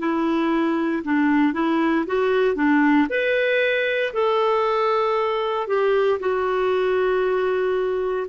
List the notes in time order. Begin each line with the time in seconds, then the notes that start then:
0.00 E4
1.05 D4
1.54 E4
2.07 F#4
2.56 D4
3.10 B4
4.14 A4
5.68 G4
6.21 F#4